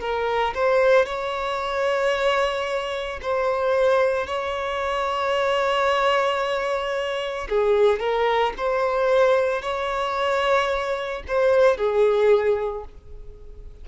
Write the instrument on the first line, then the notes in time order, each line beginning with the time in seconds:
violin
0.00 A#4
0.55 C5
1.06 C#5
3.22 C5
4.27 C#5
7.50 G#4
8.00 A#4
8.58 C5
9.62 C#5
11.28 C5
11.78 G#4